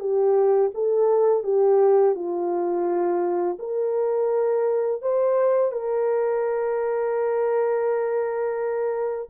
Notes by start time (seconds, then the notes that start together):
0.00 G4
0.75 A4
1.44 G4
2.16 F4
3.60 A#4
5.02 C5
5.72 A#4